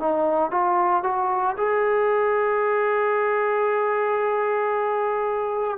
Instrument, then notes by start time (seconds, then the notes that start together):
trombone
0.00 D#4
0.51 F4
1.04 F#4
1.57 G#4